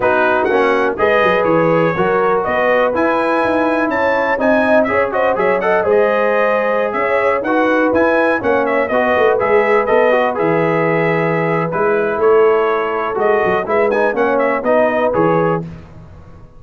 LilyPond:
<<
  \new Staff \with { instrumentName = "trumpet" } { \time 4/4 \tempo 4 = 123 b'4 fis''4 dis''4 cis''4~ | cis''4 dis''4 gis''2 | a''4 gis''4 e''8 dis''8 e''8 fis''8 | dis''2~ dis''16 e''4 fis''8.~ |
fis''16 gis''4 fis''8 e''8 dis''4 e''8.~ | e''16 dis''4 e''2~ e''8. | b'4 cis''2 dis''4 | e''8 gis''8 fis''8 e''8 dis''4 cis''4 | }
  \new Staff \with { instrumentName = "horn" } { \time 4/4 fis'2 b'2 | ais'4 b'2. | cis''4 dis''4 cis''8 c''8 cis''8 dis''8 | c''2~ c''16 cis''4 b'8.~ |
b'4~ b'16 cis''4 b'4.~ b'16~ | b'1~ | b'4 a'2. | b'4 cis''4 b'2 | }
  \new Staff \with { instrumentName = "trombone" } { \time 4/4 dis'4 cis'4 gis'2 | fis'2 e'2~ | e'4 dis'4 gis'8 fis'8 gis'8 a'8 | gis'2.~ gis'16 fis'8.~ |
fis'16 e'4 cis'4 fis'4 gis'8.~ | gis'16 a'8 fis'8 gis'2~ gis'8. | e'2. fis'4 | e'8 dis'8 cis'4 dis'4 gis'4 | }
  \new Staff \with { instrumentName = "tuba" } { \time 4/4 b4 ais4 gis8 fis8 e4 | fis4 b4 e'4 dis'4 | cis'4 c'4 cis'4 fis4 | gis2~ gis16 cis'4 dis'8.~ |
dis'16 e'4 ais4 b8 a8 gis8.~ | gis16 b4 e2~ e8. | gis4 a2 gis8 fis8 | gis4 ais4 b4 e4 | }
>>